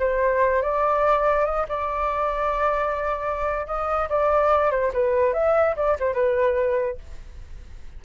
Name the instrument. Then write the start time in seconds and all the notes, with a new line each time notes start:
flute
0.00 C5
0.63 D5
1.46 D#5
1.69 D5
3.67 D#5
4.10 D5
4.71 C5
4.94 B4
5.34 E5
5.77 D5
6.00 C5
6.14 B4